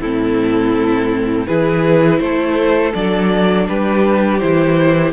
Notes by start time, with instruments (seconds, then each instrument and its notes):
0.00 cello A2, viola C4, violin E4 A4
1.47 cello E3, viola E4, violin G#4 B4
2.20 cello A3, violin A4 C5
2.94 cello F#3, viola D4, violin D5
3.68 cello G3, violin G4 B4
4.39 cello E3, viola E4, violin C5